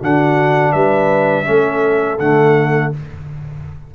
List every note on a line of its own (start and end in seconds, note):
0.00 0.74 D3
0.00 1.44 D4
0.00 0.72 F#4
0.00 0.72 F#5
0.72 1.47 G3
0.72 1.45 B4
0.72 2.18 E5
1.44 2.19 A3
1.44 2.17 C#4
1.44 2.95 A4
2.19 2.92 D3
2.19 2.93 A3
2.19 2.92 F#5